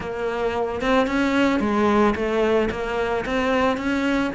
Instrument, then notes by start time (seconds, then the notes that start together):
cello
0.00 A#3
0.81 C4
1.06 C#4
1.60 G#3
2.15 A3
2.70 A#3
3.25 C4
3.77 C#4